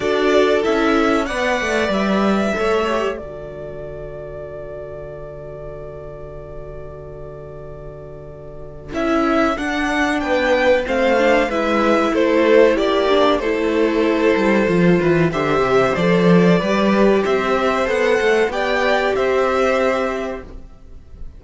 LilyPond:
<<
  \new Staff \with { instrumentName = "violin" } { \time 4/4 \tempo 4 = 94 d''4 e''4 fis''4 e''4~ | e''4 d''2.~ | d''1~ | d''2 e''4 fis''4 |
g''4 f''4 e''4 c''4 | d''4 c''2. | e''4 d''2 e''4 | fis''4 g''4 e''2 | }
  \new Staff \with { instrumentName = "violin" } { \time 4/4 a'2 d''2 | cis''4 a'2.~ | a'1~ | a'1 |
b'4 c''4 b'4 a'4 | g'4 a'2~ a'8 b'8 | c''2 b'4 c''4~ | c''4 d''4 c''2 | }
  \new Staff \with { instrumentName = "viola" } { \time 4/4 fis'4 e'4 b'2 | a'8 g'8 fis'2.~ | fis'1~ | fis'2 e'4 d'4~ |
d'4 c'8 d'8 e'2~ | e'8 d'8 e'2 f'4 | g'4 a'4 g'2 | a'4 g'2. | }
  \new Staff \with { instrumentName = "cello" } { \time 4/4 d'4 cis'4 b8 a8 g4 | a4 d2.~ | d1~ | d2 cis'4 d'4 |
b4 a4 gis4 a4 | ais4 a4. g8 f8 e8 | d8 c8 f4 g4 c'4 | b8 a8 b4 c'2 | }
>>